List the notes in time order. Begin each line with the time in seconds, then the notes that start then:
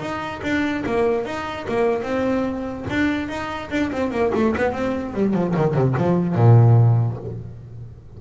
0.00 D#4
0.43 D4
0.86 A#3
1.25 D#4
1.68 A#3
2.03 C4
2.90 D4
3.29 D#4
3.71 D4
3.92 C4
4.11 A#3
4.34 A3
4.57 B3
4.73 C4
5.14 G3
5.34 F3
5.56 D#3
5.74 C3
5.97 F3
6.35 A#2